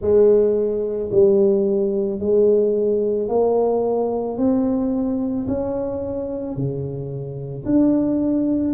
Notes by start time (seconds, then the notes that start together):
0.00 G#3
1.11 G3
2.19 G#3
3.28 A#3
4.37 C4
5.47 C#4
6.56 C#3
7.65 D4